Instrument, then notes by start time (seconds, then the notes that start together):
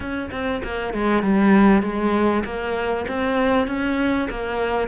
cello
0.00 C#4
0.31 C4
0.63 A#3
0.93 G#3
1.22 G3
1.82 G#3
2.44 A#3
3.08 C4
3.67 C#4
4.29 A#3